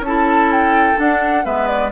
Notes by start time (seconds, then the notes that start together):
0.00 C#4 A5
0.07 E4 A4
0.52 G5
0.96 D4 F#5
1.44 G#3 B3 B4 E5
1.67 D5